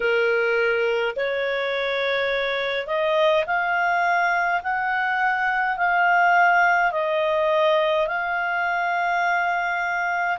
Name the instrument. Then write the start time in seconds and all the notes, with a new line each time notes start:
clarinet
0.00 A#4
1.15 C#5
2.86 D#5
3.46 F5
4.63 F#5
5.77 F5
6.91 D#5
8.07 F5